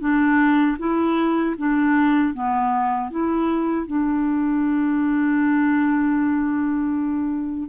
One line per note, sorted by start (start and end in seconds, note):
0.00 0.77 D4
0.78 1.55 E4
1.58 2.34 D4
2.34 3.10 B3
3.10 3.87 E4
3.87 7.69 D4